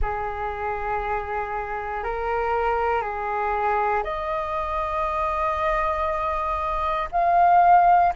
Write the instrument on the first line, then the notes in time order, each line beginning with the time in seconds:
flute
0.01 G#4
2.03 A#4
3.01 G#4
4.03 D#5
7.11 F5